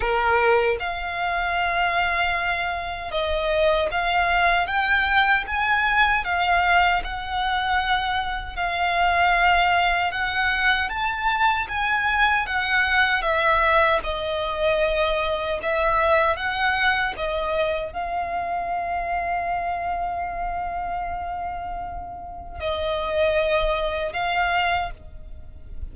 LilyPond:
\new Staff \with { instrumentName = "violin" } { \time 4/4 \tempo 4 = 77 ais'4 f''2. | dis''4 f''4 g''4 gis''4 | f''4 fis''2 f''4~ | f''4 fis''4 a''4 gis''4 |
fis''4 e''4 dis''2 | e''4 fis''4 dis''4 f''4~ | f''1~ | f''4 dis''2 f''4 | }